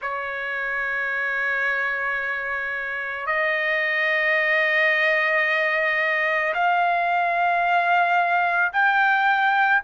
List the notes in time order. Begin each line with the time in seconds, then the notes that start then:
0.01 C#5
3.26 D#5
6.54 F5
8.72 G5